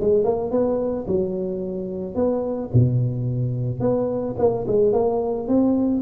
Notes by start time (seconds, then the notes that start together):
0.00 G#3
0.24 A#3
0.51 B3
1.07 F#3
2.15 B3
2.73 B2
3.80 B3
4.38 A#3
4.67 G#3
4.93 A#3
5.47 C4